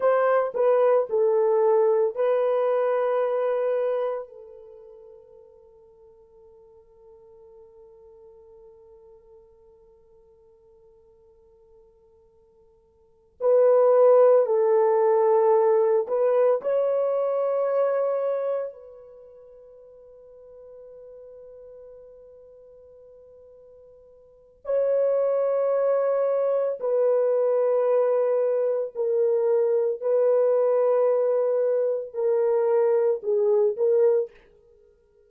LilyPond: \new Staff \with { instrumentName = "horn" } { \time 4/4 \tempo 4 = 56 c''8 b'8 a'4 b'2 | a'1~ | a'1~ | a'8 b'4 a'4. b'8 cis''8~ |
cis''4. b'2~ b'8~ | b'2. cis''4~ | cis''4 b'2 ais'4 | b'2 ais'4 gis'8 ais'8 | }